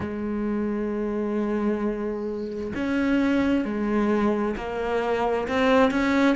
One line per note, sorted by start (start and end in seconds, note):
0.00 2.73 G#3
2.75 3.64 C#4
3.64 4.55 G#3
4.56 5.47 A#3
5.48 5.90 C4
5.90 6.35 C#4